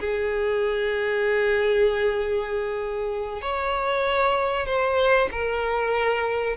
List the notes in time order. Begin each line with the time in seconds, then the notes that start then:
0.00 G#4
3.42 C#5
4.66 C5
5.32 A#4